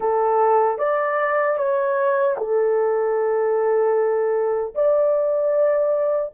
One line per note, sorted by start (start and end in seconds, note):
0.00 0.78 A4
0.78 1.57 D5
1.57 2.36 C#5
2.37 4.74 A4
4.74 6.32 D5